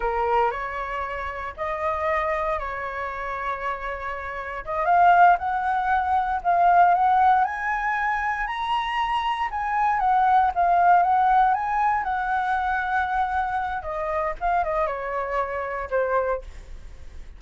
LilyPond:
\new Staff \with { instrumentName = "flute" } { \time 4/4 \tempo 4 = 117 ais'4 cis''2 dis''4~ | dis''4 cis''2.~ | cis''4 dis''8 f''4 fis''4.~ | fis''8 f''4 fis''4 gis''4.~ |
gis''8 ais''2 gis''4 fis''8~ | fis''8 f''4 fis''4 gis''4 fis''8~ | fis''2. dis''4 | f''8 dis''8 cis''2 c''4 | }